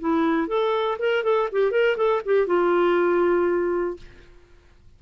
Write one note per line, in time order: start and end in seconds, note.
0.00 0.47 E4
0.47 0.97 A4
0.99 1.24 A#4
1.24 1.49 A4
1.52 1.71 G4
1.71 1.96 A#4
1.97 2.22 A4
2.25 2.47 G4
2.47 3.97 F4